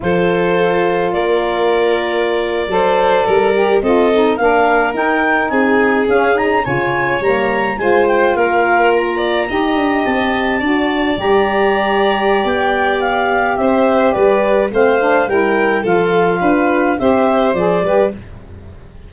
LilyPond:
<<
  \new Staff \with { instrumentName = "clarinet" } { \time 4/4 \tempo 4 = 106 c''2 d''2~ | d''2~ d''8. dis''4 f''16~ | f''8. g''4 gis''4 f''8 ais''8 gis''16~ | gis''8. ais''4 gis''8 g''8 f''4 ais''16~ |
ais''4.~ ais''16 a''2 ais''16~ | ais''2 g''4 f''4 | e''4 d''4 f''4 g''4 | f''2 e''4 d''4 | }
  \new Staff \with { instrumentName = "violin" } { \time 4/4 a'2 ais'2~ | ais'8. c''4 ais'4 a'4 ais'16~ | ais'4.~ ais'16 gis'2 cis''16~ | cis''4.~ cis''16 c''4 ais'4~ ais'16~ |
ais'16 d''8 dis''2 d''4~ d''16~ | d''1 | c''4 b'4 c''4 ais'4 | a'4 b'4 c''4. b'8 | }
  \new Staff \with { instrumentName = "saxophone" } { \time 4/4 f'1~ | f'8. a'4. g'8 f'8 dis'8 d'16~ | d'8. dis'2 cis'8 dis'8 f'16~ | f'8. ais4 f'2~ f'16~ |
f'8. g'2 fis'4 g'16~ | g'1~ | g'2 c'8 d'8 e'4 | f'2 g'4 gis'8 g'8 | }
  \new Staff \with { instrumentName = "tuba" } { \time 4/4 f2 ais2~ | ais8. fis4 g4 c'4 ais16~ | ais8. dis'4 c'4 cis'4 cis16~ | cis8. g4 gis4 ais4~ ais16~ |
ais8. dis'8 d'8 c'4 d'4 g16~ | g2 b2 | c'4 g4 a4 g4 | f4 d'4 c'4 f8 g8 | }
>>